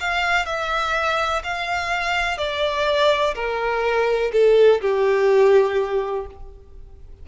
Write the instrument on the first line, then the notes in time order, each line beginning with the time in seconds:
violin
0.00 F5
0.46 E5
1.44 F5
2.38 D5
3.35 A#4
4.32 A4
4.81 G4